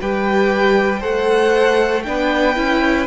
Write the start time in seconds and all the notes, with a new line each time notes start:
0.00 G3 G4 B4 G5
0.99 A3 A4 C5 F#5
2.02 B3 D4 B4 G5
2.55 C#4 E4